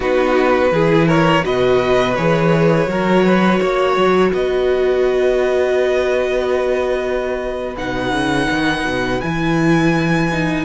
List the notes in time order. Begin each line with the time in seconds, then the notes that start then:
0.00 B3 D#4 F#4 B4
0.71 E3 E4 G#4
1.07 A#4 C#5
1.43 B2 F#4 B4 D#5
2.15 E3 G#4 C#5
2.87 F#3 F#4 A#4
3.24 B4
3.60 A#3 C#5
3.96 F#3
4.31 B3 B4 D#5
7.76 B2 D#4 F#5
8.11 C#3
8.50 D#3
8.84 B2
9.20 E3 E4 G#5
10.32 D#4